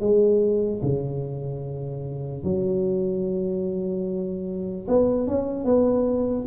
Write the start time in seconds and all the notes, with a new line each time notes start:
0.00 G#3
0.82 C#3
2.44 F#3
4.88 B3
5.27 C#4
5.65 B3